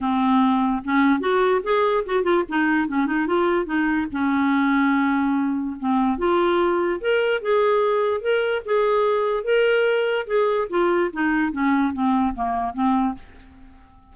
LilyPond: \new Staff \with { instrumentName = "clarinet" } { \time 4/4 \tempo 4 = 146 c'2 cis'4 fis'4 | gis'4 fis'8 f'8 dis'4 cis'8 dis'8 | f'4 dis'4 cis'2~ | cis'2 c'4 f'4~ |
f'4 ais'4 gis'2 | ais'4 gis'2 ais'4~ | ais'4 gis'4 f'4 dis'4 | cis'4 c'4 ais4 c'4 | }